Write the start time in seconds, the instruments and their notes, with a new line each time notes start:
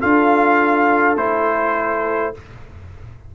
0.00 tuba D4, trombone F4, horn A4, trumpet F5
1.16 tuba A3, trombone E4, trumpet C5